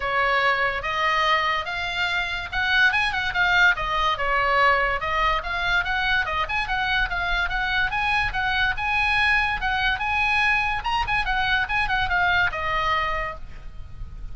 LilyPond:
\new Staff \with { instrumentName = "oboe" } { \time 4/4 \tempo 4 = 144 cis''2 dis''2 | f''2 fis''4 gis''8 fis''8 | f''4 dis''4 cis''2 | dis''4 f''4 fis''4 dis''8 gis''8 |
fis''4 f''4 fis''4 gis''4 | fis''4 gis''2 fis''4 | gis''2 ais''8 gis''8 fis''4 | gis''8 fis''8 f''4 dis''2 | }